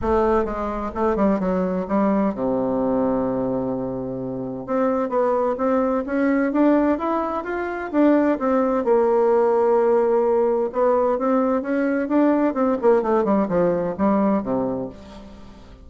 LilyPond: \new Staff \with { instrumentName = "bassoon" } { \time 4/4 \tempo 4 = 129 a4 gis4 a8 g8 fis4 | g4 c2.~ | c2 c'4 b4 | c'4 cis'4 d'4 e'4 |
f'4 d'4 c'4 ais4~ | ais2. b4 | c'4 cis'4 d'4 c'8 ais8 | a8 g8 f4 g4 c4 | }